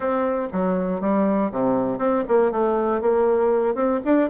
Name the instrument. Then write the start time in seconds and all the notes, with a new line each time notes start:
bassoon
0.00 C4
0.52 F#3
1.00 G3
1.51 C3
1.98 C4
2.28 A#3
2.51 A3
3.01 A#3
3.74 C4
4.05 D4